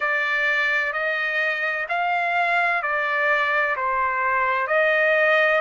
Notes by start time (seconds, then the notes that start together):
0.00 D5
0.92 D#5
1.88 F5
2.82 D5
3.76 C5
4.67 D#5